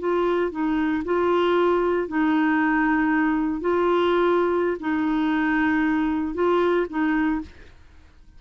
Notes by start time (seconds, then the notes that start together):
0.00 F4
0.51 D#4
1.05 F4
2.08 D#4
3.61 F4
4.80 D#4
6.35 F4
6.90 D#4